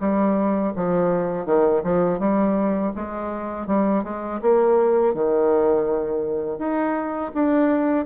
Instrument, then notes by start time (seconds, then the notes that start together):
bassoon
0.00 G3
0.76 F3
1.45 D#3
1.84 F3
2.19 G3
2.96 G#3
3.67 G3
4.04 G#3
4.42 A#3
5.14 D#3
6.59 D#4
7.34 D4